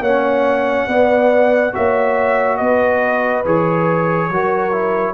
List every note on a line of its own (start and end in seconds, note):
0.00 0.86 A#3
0.00 0.89 C#4
0.00 0.87 C#5
0.00 1.74 F#5
0.87 1.73 B3
0.87 1.72 B3
0.87 1.74 D5
1.72 2.59 A#3
1.72 3.44 F#4
1.72 2.58 C#5
1.72 2.57 E5
2.57 3.45 B3
2.57 4.29 B4
2.57 3.42 D#5
3.45 4.29 E3
3.45 4.31 G#4
3.45 5.14 C#5
4.29 5.14 F#3
4.29 4.71 F#4
4.29 5.14 A#4
4.71 5.14 E4